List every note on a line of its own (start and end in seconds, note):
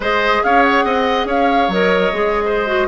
0.00 0.39 G#3
0.00 1.71 G#4
0.00 0.42 C5
0.00 0.43 D#5
0.43 0.84 C#4
0.43 0.84 C#5
0.43 0.63 F5
0.63 1.26 F#5
0.84 1.25 C4
0.84 1.27 D#5
1.25 1.67 C#4
1.25 2.44 C#5
1.25 1.71 F5
1.68 2.11 F#3
1.68 2.13 A#4
1.68 2.88 D#5
2.13 2.87 G#3
2.13 2.66 G#4
2.45 2.87 C5
2.66 2.87 F#4